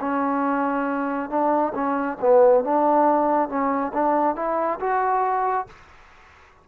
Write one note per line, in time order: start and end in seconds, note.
0.00 1.29 C#4
1.29 1.73 D4
1.74 2.17 C#4
2.20 2.64 B3
2.64 3.49 D4
3.49 3.92 C#4
3.93 4.36 D4
4.36 4.79 E4
4.80 5.67 F#4